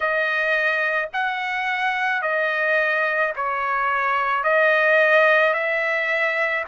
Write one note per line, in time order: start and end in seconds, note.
0.00 1.09 D#5
1.13 2.22 F#5
2.22 3.33 D#5
3.36 4.43 C#5
4.43 5.53 D#5
5.53 6.64 E5